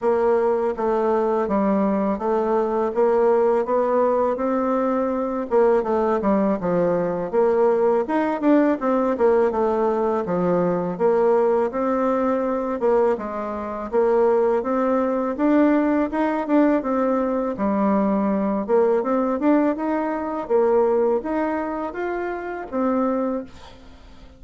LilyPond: \new Staff \with { instrumentName = "bassoon" } { \time 4/4 \tempo 4 = 82 ais4 a4 g4 a4 | ais4 b4 c'4. ais8 | a8 g8 f4 ais4 dis'8 d'8 | c'8 ais8 a4 f4 ais4 |
c'4. ais8 gis4 ais4 | c'4 d'4 dis'8 d'8 c'4 | g4. ais8 c'8 d'8 dis'4 | ais4 dis'4 f'4 c'4 | }